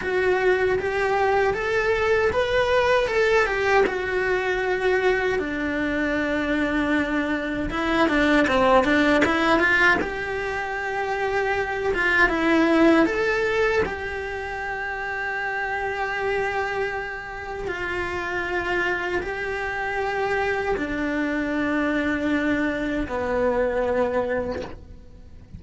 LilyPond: \new Staff \with { instrumentName = "cello" } { \time 4/4 \tempo 4 = 78 fis'4 g'4 a'4 b'4 | a'8 g'8 fis'2 d'4~ | d'2 e'8 d'8 c'8 d'8 | e'8 f'8 g'2~ g'8 f'8 |
e'4 a'4 g'2~ | g'2. f'4~ | f'4 g'2 d'4~ | d'2 b2 | }